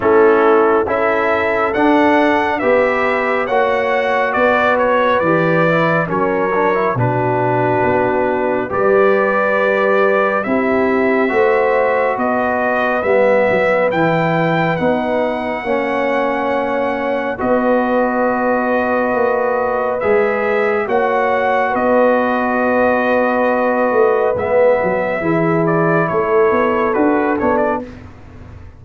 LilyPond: <<
  \new Staff \with { instrumentName = "trumpet" } { \time 4/4 \tempo 4 = 69 a'4 e''4 fis''4 e''4 | fis''4 d''8 cis''8 d''4 cis''4 | b'2 d''2 | e''2 dis''4 e''4 |
g''4 fis''2. | dis''2. e''4 | fis''4 dis''2. | e''4. d''8 cis''4 b'8 cis''16 d''16 | }
  \new Staff \with { instrumentName = "horn" } { \time 4/4 e'4 a'2 b'4 | cis''4 b'2 ais'4 | fis'2 b'2 | g'4 c''4 b'2~ |
b'2 cis''2 | b'1 | cis''4 b'2.~ | b'4 gis'4 a'2 | }
  \new Staff \with { instrumentName = "trombone" } { \time 4/4 cis'4 e'4 d'4 g'4 | fis'2 g'8 e'8 cis'8 d'16 e'16 | d'2 g'2 | e'4 fis'2 b4 |
e'4 dis'4 cis'2 | fis'2. gis'4 | fis'1 | b4 e'2 fis'8 d'8 | }
  \new Staff \with { instrumentName = "tuba" } { \time 4/4 a4 cis'4 d'4 b4 | ais4 b4 e4 fis4 | b,4 b4 g2 | c'4 a4 b4 g8 fis8 |
e4 b4 ais2 | b2 ais4 gis4 | ais4 b2~ b8 a8 | gis8 fis8 e4 a8 b8 d'8 b8 | }
>>